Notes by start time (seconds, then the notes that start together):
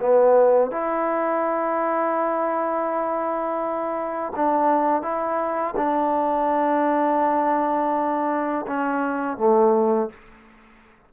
0.00 B3
0.71 E4
4.36 D4
5.02 E4
5.77 D4
8.67 C#4
9.37 A3